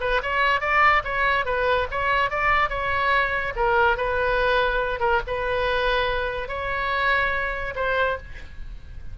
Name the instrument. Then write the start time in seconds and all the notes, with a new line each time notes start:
oboe
0.00 B4
0.22 C#5
0.60 D5
1.04 C#5
1.45 B4
1.91 C#5
2.30 D5
2.69 C#5
3.56 A#4
3.97 B4
5.00 A#4
5.27 B4
6.48 C#5
7.75 C5